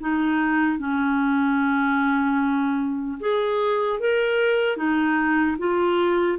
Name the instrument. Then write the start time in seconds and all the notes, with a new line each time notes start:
clarinet
0.00 D#4
0.79 C#4
3.20 G#4
3.99 A#4
4.77 D#4
5.58 F4